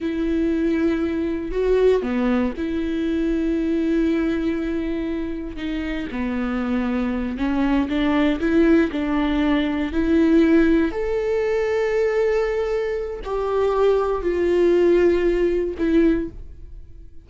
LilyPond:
\new Staff \with { instrumentName = "viola" } { \time 4/4 \tempo 4 = 118 e'2. fis'4 | b4 e'2.~ | e'2. dis'4 | b2~ b8 cis'4 d'8~ |
d'8 e'4 d'2 e'8~ | e'4. a'2~ a'8~ | a'2 g'2 | f'2. e'4 | }